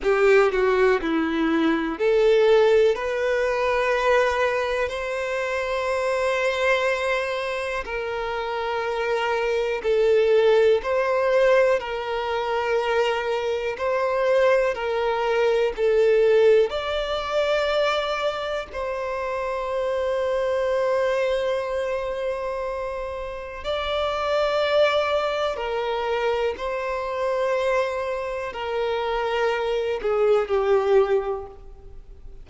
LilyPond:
\new Staff \with { instrumentName = "violin" } { \time 4/4 \tempo 4 = 61 g'8 fis'8 e'4 a'4 b'4~ | b'4 c''2. | ais'2 a'4 c''4 | ais'2 c''4 ais'4 |
a'4 d''2 c''4~ | c''1 | d''2 ais'4 c''4~ | c''4 ais'4. gis'8 g'4 | }